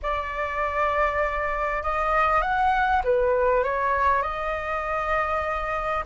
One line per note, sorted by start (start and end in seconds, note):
0.02 1.83 D5
1.83 2.41 D#5
2.41 3.02 F#5
3.04 3.63 B4
3.63 4.22 C#5
4.22 6.04 D#5